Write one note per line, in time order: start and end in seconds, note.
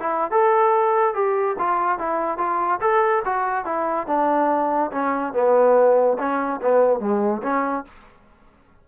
0.00 0.31 E4
0.31 1.14 A4
1.14 1.56 G4
1.59 1.99 F4
1.99 2.38 E4
2.38 2.80 F4
2.81 3.23 A4
3.25 3.65 F#4
3.65 4.07 E4
4.07 4.91 D4
4.92 5.33 C#4
5.33 6.17 B3
6.18 6.60 C#4
6.62 7.00 B3
7.00 7.42 G#3
7.43 7.85 C#4